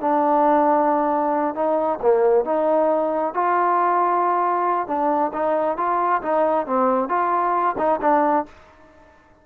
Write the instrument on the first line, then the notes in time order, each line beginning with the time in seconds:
trombone
0.00 D4
1.54 D#4
2.01 A#3
2.45 D#4
3.34 F4
4.87 D4
5.33 D#4
5.77 F4
6.22 D#4
6.66 C4
7.09 F4
7.78 D#4
8.01 D4